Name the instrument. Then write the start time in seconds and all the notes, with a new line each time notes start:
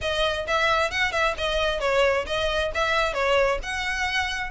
violin
0.01 D#5
0.47 E5
0.90 F#5
1.12 E5
1.37 D#5
1.80 C#5
2.26 D#5
2.74 E5
3.13 C#5
3.62 F#5